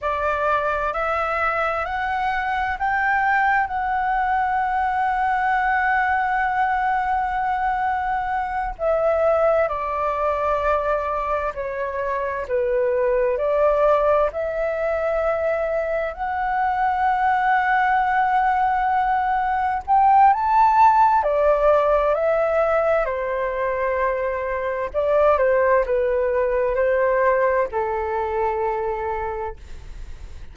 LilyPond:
\new Staff \with { instrumentName = "flute" } { \time 4/4 \tempo 4 = 65 d''4 e''4 fis''4 g''4 | fis''1~ | fis''4. e''4 d''4.~ | d''8 cis''4 b'4 d''4 e''8~ |
e''4. fis''2~ fis''8~ | fis''4. g''8 a''4 d''4 | e''4 c''2 d''8 c''8 | b'4 c''4 a'2 | }